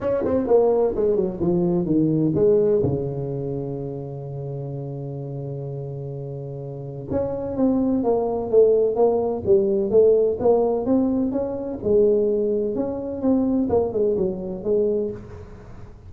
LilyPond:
\new Staff \with { instrumentName = "tuba" } { \time 4/4 \tempo 4 = 127 cis'8 c'8 ais4 gis8 fis8 f4 | dis4 gis4 cis2~ | cis1~ | cis2. cis'4 |
c'4 ais4 a4 ais4 | g4 a4 ais4 c'4 | cis'4 gis2 cis'4 | c'4 ais8 gis8 fis4 gis4 | }